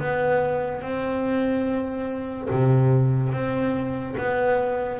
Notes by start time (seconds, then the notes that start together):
0.00 B3
0.82 C4
2.51 C3
3.33 C4
4.18 B3